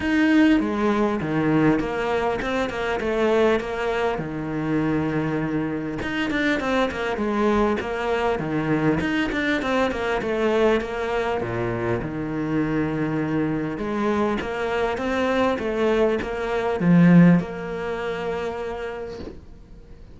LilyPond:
\new Staff \with { instrumentName = "cello" } { \time 4/4 \tempo 4 = 100 dis'4 gis4 dis4 ais4 | c'8 ais8 a4 ais4 dis4~ | dis2 dis'8 d'8 c'8 ais8 | gis4 ais4 dis4 dis'8 d'8 |
c'8 ais8 a4 ais4 ais,4 | dis2. gis4 | ais4 c'4 a4 ais4 | f4 ais2. | }